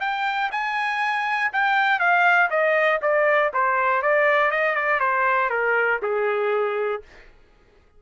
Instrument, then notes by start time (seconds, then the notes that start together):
trumpet
0.00 G5
0.51 G#5
1.53 G5
1.99 F5
2.50 D#5
3.02 D5
3.53 C5
4.02 D5
4.51 D#5
4.75 D5
5.00 C5
5.50 A#4
6.02 G#4